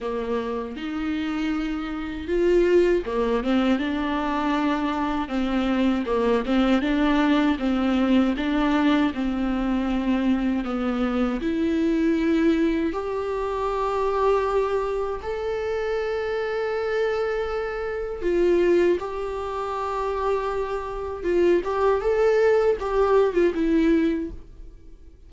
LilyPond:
\new Staff \with { instrumentName = "viola" } { \time 4/4 \tempo 4 = 79 ais4 dis'2 f'4 | ais8 c'8 d'2 c'4 | ais8 c'8 d'4 c'4 d'4 | c'2 b4 e'4~ |
e'4 g'2. | a'1 | f'4 g'2. | f'8 g'8 a'4 g'8. f'16 e'4 | }